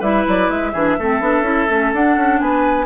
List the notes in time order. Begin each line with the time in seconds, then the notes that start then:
0.00 G3 E4 B4 E5
0.27 F#3 D5
0.49 G#3 E5
0.73 E3 D4 G#4
0.99 A3 C4 A4
1.21 B3 D4
1.42 C#4 E4
1.70 A3 C#4
1.93 D4 F#5
2.17 C#4
2.40 B3 B4 G#5